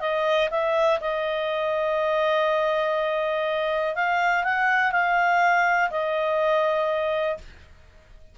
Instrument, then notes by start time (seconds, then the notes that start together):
clarinet
0.00 D#5
0.51 E5
1.00 D#5
3.95 F5
4.44 F#5
4.92 F5
5.90 D#5